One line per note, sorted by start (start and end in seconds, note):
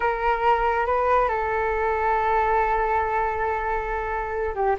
0.00 0.86 A#4
0.86 1.28 B4
1.28 4.54 A4
4.54 4.76 G4